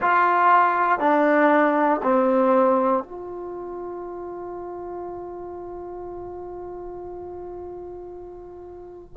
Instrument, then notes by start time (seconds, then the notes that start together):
trombone
0.01 F4
0.99 D4
2.02 C4
3.03 F4